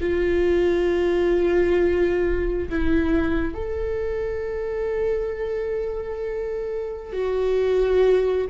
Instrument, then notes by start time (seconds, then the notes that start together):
viola
0.00 F4
2.69 E4
3.54 A4
7.12 F#4